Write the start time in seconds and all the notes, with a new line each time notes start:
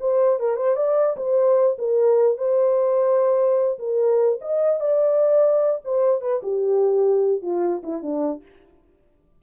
0.00 C5
0.40 A#4
0.56 C5
0.76 D5
1.17 C5
1.78 A#4
2.38 C5
3.79 A#4
4.41 D#5
4.80 D5
5.84 C5
6.21 B4
6.43 G4
7.42 F4
7.83 E4
8.02 D4